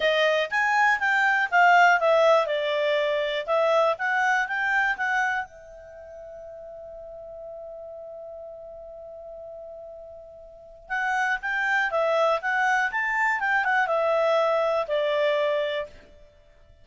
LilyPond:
\new Staff \with { instrumentName = "clarinet" } { \time 4/4 \tempo 4 = 121 dis''4 gis''4 g''4 f''4 | e''4 d''2 e''4 | fis''4 g''4 fis''4 e''4~ | e''1~ |
e''1~ | e''2 fis''4 g''4 | e''4 fis''4 a''4 g''8 fis''8 | e''2 d''2 | }